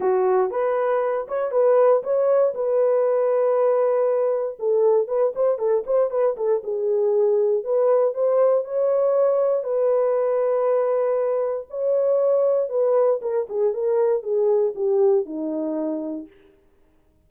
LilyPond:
\new Staff \with { instrumentName = "horn" } { \time 4/4 \tempo 4 = 118 fis'4 b'4. cis''8 b'4 | cis''4 b'2.~ | b'4 a'4 b'8 c''8 a'8 c''8 | b'8 a'8 gis'2 b'4 |
c''4 cis''2 b'4~ | b'2. cis''4~ | cis''4 b'4 ais'8 gis'8 ais'4 | gis'4 g'4 dis'2 | }